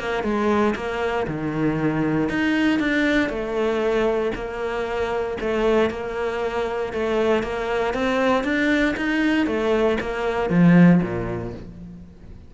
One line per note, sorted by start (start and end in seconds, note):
0.00 0.24 A#3
0.24 0.75 G#3
0.76 1.27 A#3
1.28 2.29 D#3
2.29 2.80 D#4
2.80 3.30 D4
3.30 4.32 A3
4.35 5.38 A#3
5.41 5.91 A3
5.91 6.93 A#3
6.93 7.44 A3
7.44 7.94 A#3
7.94 8.44 C4
8.44 8.95 D4
8.97 9.47 D#4
9.47 9.98 A3
10.00 10.50 A#3
10.50 11.01 F3
11.03 11.54 A#2